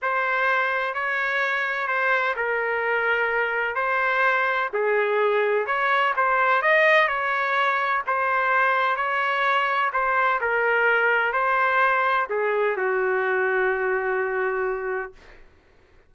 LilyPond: \new Staff \with { instrumentName = "trumpet" } { \time 4/4 \tempo 4 = 127 c''2 cis''2 | c''4 ais'2. | c''2 gis'2 | cis''4 c''4 dis''4 cis''4~ |
cis''4 c''2 cis''4~ | cis''4 c''4 ais'2 | c''2 gis'4 fis'4~ | fis'1 | }